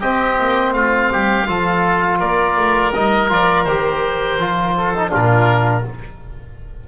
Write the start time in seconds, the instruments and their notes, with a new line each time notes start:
0.00 double bass C4, trombone C4, oboe G4 D#5
0.39 double bass A#3
0.73 double bass A3, oboe F4 F5
1.12 double bass G3, oboe G4
1.46 double bass F3, trombone F4, oboe A4
2.19 double bass A#3, oboe A#4 D5
2.57 double bass A3
2.93 double bass G3, trombone D#4, oboe D#5
3.29 double bass F3, trombone F4, oboe D5
3.64 double bass D#3, trombone G4, oboe C5
4.37 double bass F3, trombone F4
4.77 oboe A4
4.95 trombone D#4
5.09 double bass A#2, trombone D4, oboe F4 A#4